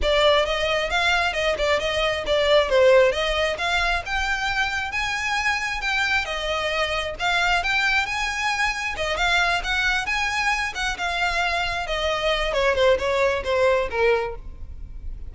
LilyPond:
\new Staff \with { instrumentName = "violin" } { \time 4/4 \tempo 4 = 134 d''4 dis''4 f''4 dis''8 d''8 | dis''4 d''4 c''4 dis''4 | f''4 g''2 gis''4~ | gis''4 g''4 dis''2 |
f''4 g''4 gis''2 | dis''8 f''4 fis''4 gis''4. | fis''8 f''2 dis''4. | cis''8 c''8 cis''4 c''4 ais'4 | }